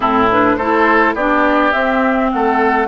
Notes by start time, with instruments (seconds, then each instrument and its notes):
0.00 bassoon A2, clarinet C4, oboe E4, flute A4
0.30 clarinet D4, flute B4
0.56 bassoon A3, clarinet E4, oboe A4, flute C5
1.14 bassoon B3, clarinet D4, oboe G4, flute D5
1.72 clarinet C4, bassoon C4, flute E5
2.31 bassoon A3, oboe A4, flute F#5